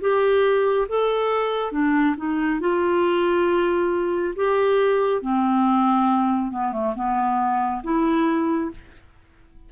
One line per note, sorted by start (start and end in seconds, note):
0.00 0.87 G4
0.88 1.72 A4
1.72 2.15 D4
2.17 2.60 D#4
2.60 4.34 F4
4.36 5.21 G4
5.21 6.51 C4
6.51 6.72 B3
6.72 6.94 A3
6.95 7.82 B3
7.83 8.70 E4